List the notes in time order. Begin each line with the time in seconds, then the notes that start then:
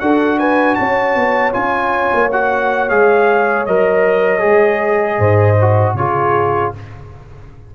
0.00 D4 F#4 A4 F#5
0.39 B4 G#5
0.75 C#4 C#5 A5
1.15 B3
1.52 C#4 F4 G#5
2.14 A#3
2.32 F#4 F#5
2.89 G#3 G#4 F5
3.66 F#3 A#4 D#5
4.39 G#3 G#4
5.19 G#2 C5
5.61 F#4
5.94 C#3 F4 G#4 C#5